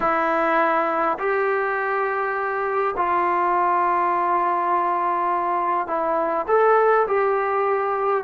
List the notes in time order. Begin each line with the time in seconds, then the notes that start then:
0.00 E4
1.18 G4
2.96 F4
5.87 E4
6.47 A4
7.07 G4